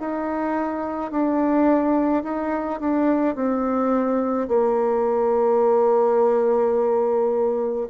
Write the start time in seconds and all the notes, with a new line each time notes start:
0.00 D#4
1.11 D4
2.23 D#4
2.80 D4
3.36 C4
4.48 A#3